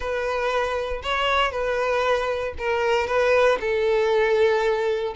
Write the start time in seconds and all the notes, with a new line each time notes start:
0.00 B4
1.03 C#5
1.51 B4
2.58 A#4
3.07 B4
3.60 A4